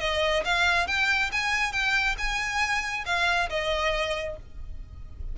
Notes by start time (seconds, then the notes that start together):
0.00 D#5
0.45 F5
0.87 G5
1.32 G#5
1.72 G5
2.18 G#5
3.06 F5
3.50 D#5